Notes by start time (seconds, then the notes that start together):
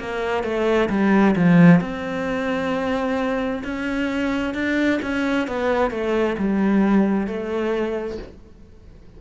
0.00 A#3
0.44 A3
0.90 G3
1.36 F3
1.81 C4
3.64 C#4
4.55 D4
5.03 C#4
5.48 B3
5.91 A3
6.39 G3
7.28 A3